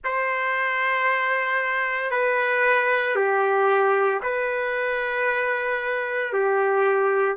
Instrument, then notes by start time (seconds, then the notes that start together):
trumpet
0.04 C5
2.11 B4
3.15 G4
4.22 B4
6.32 G4